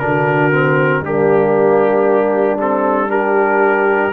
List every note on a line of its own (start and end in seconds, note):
0.00 1.02 D3
0.00 0.52 D4
0.00 1.04 F#4
0.00 1.03 A#4
0.52 1.03 C4
1.02 4.12 G3
1.02 2.59 A#3
1.02 3.10 D4
1.02 2.60 G4
2.60 3.08 C4
2.60 3.11 A4
3.08 4.12 D4
3.08 4.13 G4
3.08 4.13 A#4